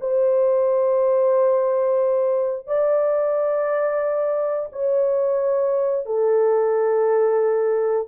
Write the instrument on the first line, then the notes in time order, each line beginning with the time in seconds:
horn
0.00 C5
2.67 D5
4.72 C#5
6.05 A4